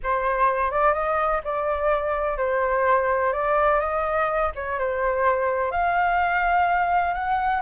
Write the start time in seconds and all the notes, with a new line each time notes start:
0.03 C5
0.70 D5
0.93 D#5
1.44 D5
2.37 C5
3.32 D5
3.80 D#5
4.55 C#5
4.78 C5
5.71 F5
7.14 F#5